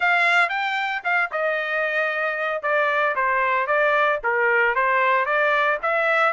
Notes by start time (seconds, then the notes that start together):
0.00 F5
0.49 G5
1.04 F5
1.31 D#5
2.62 D5
3.15 C5
3.67 D5
4.23 A#4
4.75 C5
5.25 D5
5.82 E5